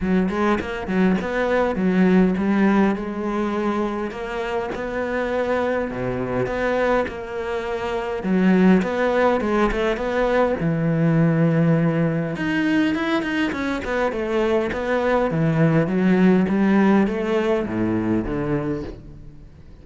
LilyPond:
\new Staff \with { instrumentName = "cello" } { \time 4/4 \tempo 4 = 102 fis8 gis8 ais8 fis8 b4 fis4 | g4 gis2 ais4 | b2 b,4 b4 | ais2 fis4 b4 |
gis8 a8 b4 e2~ | e4 dis'4 e'8 dis'8 cis'8 b8 | a4 b4 e4 fis4 | g4 a4 a,4 d4 | }